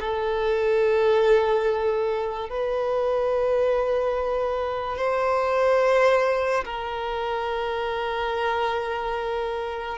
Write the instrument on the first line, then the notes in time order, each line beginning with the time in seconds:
violin
0.00 A4
2.50 B4
4.98 C5
6.65 A#4